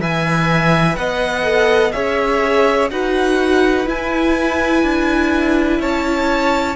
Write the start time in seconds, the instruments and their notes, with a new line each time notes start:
0.00 cello E3, viola B4, violin E5 G#5
0.96 cello B3, violin D#5 F#5
1.43 viola A4
1.92 cello C#4, viola G#4, violin C#5 E5
2.91 cello D#4, viola F#4, violin B4 F#5
3.86 viola E4, cello E4, violin G#5
4.83 cello D4
5.80 cello C#4, violin C#5 A5